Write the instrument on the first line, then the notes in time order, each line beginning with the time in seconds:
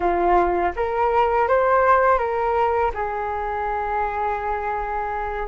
flute
0.00 F4
0.75 A#4
1.47 C5
2.18 A#4
2.93 G#4